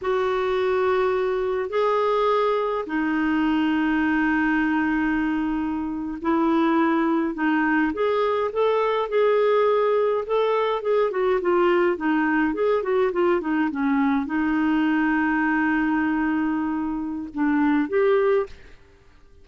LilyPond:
\new Staff \with { instrumentName = "clarinet" } { \time 4/4 \tempo 4 = 104 fis'2. gis'4~ | gis'4 dis'2.~ | dis'2~ dis'8. e'4~ e'16~ | e'8. dis'4 gis'4 a'4 gis'16~ |
gis'4.~ gis'16 a'4 gis'8 fis'8 f'16~ | f'8. dis'4 gis'8 fis'8 f'8 dis'8 cis'16~ | cis'8. dis'2.~ dis'16~ | dis'2 d'4 g'4 | }